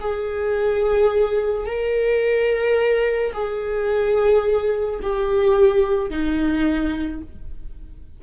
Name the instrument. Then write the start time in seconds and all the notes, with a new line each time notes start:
viola
0.00 G#4
1.66 A#4
3.33 G#4
5.02 G4
6.10 D#4